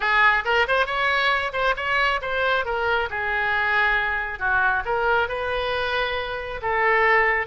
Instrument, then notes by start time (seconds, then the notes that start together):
oboe
0.00 G#4
0.44 A#4
0.67 C5
0.86 C#5
1.52 C5
1.76 C#5
2.21 C5
2.65 A#4
3.09 G#4
4.39 F#4
4.85 A#4
5.28 B4
6.62 A4